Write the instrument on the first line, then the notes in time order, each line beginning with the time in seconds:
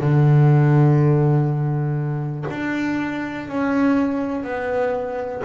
double bass
0.00 D3
2.50 D4
3.48 C#4
4.44 B3